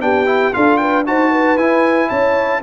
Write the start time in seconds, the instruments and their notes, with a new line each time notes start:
0.00 tuba B3, trombone D4, horn G4, trumpet G5
0.26 trombone E4
0.52 tuba D4, trombone F4, horn A4, trumpet F5
0.77 horn B4, trumpet G5
1.05 tuba D#4, trombone F#4, horn C5, trumpet A5
1.31 horn B4
1.57 tuba E4, trombone E4, trumpet G#5
2.09 tuba C#4, horn C#5, trumpet A5